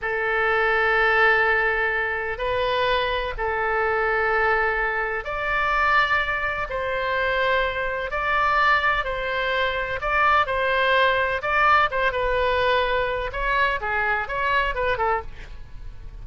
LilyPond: \new Staff \with { instrumentName = "oboe" } { \time 4/4 \tempo 4 = 126 a'1~ | a'4 b'2 a'4~ | a'2. d''4~ | d''2 c''2~ |
c''4 d''2 c''4~ | c''4 d''4 c''2 | d''4 c''8 b'2~ b'8 | cis''4 gis'4 cis''4 b'8 a'8 | }